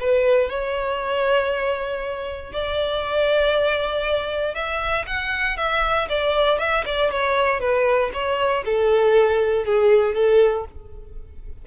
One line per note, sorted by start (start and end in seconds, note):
0.00 0.49 B4
0.49 2.52 C#5
2.52 4.54 D5
4.54 5.05 E5
5.07 5.57 F#5
5.57 6.08 E5
6.09 6.58 D5
6.58 6.84 E5
6.86 7.11 D5
7.11 7.60 C#5
7.60 8.11 B4
8.13 8.64 C#5
8.65 9.65 A4
9.65 10.15 G#4
10.15 10.65 A4